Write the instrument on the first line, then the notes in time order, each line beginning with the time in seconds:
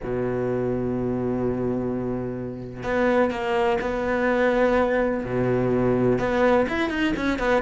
cello
0.03 B2
2.83 B3
3.31 A#3
3.81 B3
5.24 B2
6.18 B3
6.69 E4
6.89 D#4
7.16 C#4
7.39 B3